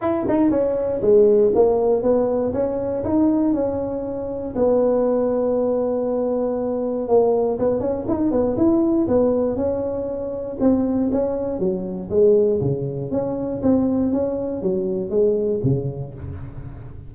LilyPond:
\new Staff \with { instrumentName = "tuba" } { \time 4/4 \tempo 4 = 119 e'8 dis'8 cis'4 gis4 ais4 | b4 cis'4 dis'4 cis'4~ | cis'4 b2.~ | b2 ais4 b8 cis'8 |
dis'8 b8 e'4 b4 cis'4~ | cis'4 c'4 cis'4 fis4 | gis4 cis4 cis'4 c'4 | cis'4 fis4 gis4 cis4 | }